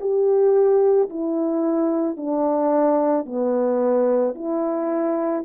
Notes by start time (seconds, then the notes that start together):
0.00 G4
1.10 E4
2.17 D4
3.26 B3
4.35 E4